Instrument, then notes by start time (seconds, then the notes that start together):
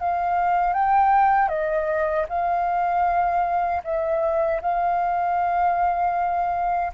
flute
0.00 F5
0.73 G5
1.48 D#5
2.29 F5
3.84 E5
4.62 F5